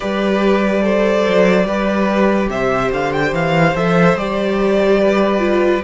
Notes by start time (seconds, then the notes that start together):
0.00 G3 G4 B4 D5
0.81 A4 C5
1.27 F#3
1.65 G3 G4 B4
2.49 C3 C5 E5
2.92 D3 F5
3.12 G5
3.32 E3 F5
3.75 F3 A4 E5
4.14 G3 G4 D5
5.00 B4
5.39 F4